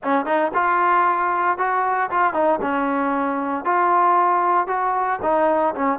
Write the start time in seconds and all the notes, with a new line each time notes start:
0.03 C#4
0.25 D#4
0.54 F4
1.58 F#4
2.10 F4
2.33 D#4
2.61 C#4
3.65 F4
4.67 F#4
5.22 D#4
5.74 C#4